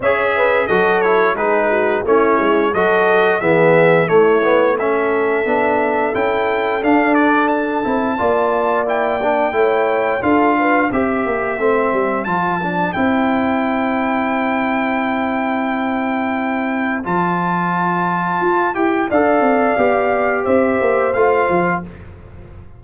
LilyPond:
<<
  \new Staff \with { instrumentName = "trumpet" } { \time 4/4 \tempo 4 = 88 e''4 dis''8 cis''8 b'4 cis''4 | dis''4 e''4 cis''4 e''4~ | e''4 g''4 f''8 d''8 a''4~ | a''4 g''2 f''4 |
e''2 a''4 g''4~ | g''1~ | g''4 a''2~ a''8 g''8 | f''2 e''4 f''4 | }
  \new Staff \with { instrumentName = "horn" } { \time 4/4 cis''8 b'8 a'4 gis'8 fis'8 e'4 | a'4 gis'4 e'4 a'4~ | a'1 | d''2 cis''4 a'8 b'8 |
c''1~ | c''1~ | c''1 | d''2 c''2 | }
  \new Staff \with { instrumentName = "trombone" } { \time 4/4 gis'4 fis'8 e'8 dis'4 cis'4 | fis'4 b4 a8 b8 cis'4 | d'4 e'4 d'4. e'8 | f'4 e'8 d'8 e'4 f'4 |
g'4 c'4 f'8 d'8 e'4~ | e'1~ | e'4 f'2~ f'8 g'8 | a'4 g'2 f'4 | }
  \new Staff \with { instrumentName = "tuba" } { \time 4/4 cis'4 fis4 gis4 a8 gis8 | fis4 e4 a2 | b4 cis'4 d'4. c'8 | ais2 a4 d'4 |
c'8 ais8 a8 g8 f4 c'4~ | c'1~ | c'4 f2 f'8 e'8 | d'8 c'8 b4 c'8 ais8 a8 f8 | }
>>